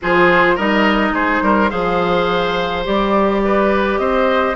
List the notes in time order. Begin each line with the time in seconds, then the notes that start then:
0.01 F3 F4 G#4 C5
0.55 G3 D#4 A#4 D#5
1.10 G#3 G#4 C5
1.41 G3 A#4
1.69 F3 G#4 C5 F5
2.84 G3 G4 D5
3.44 B4
3.98 C4 C5 D#5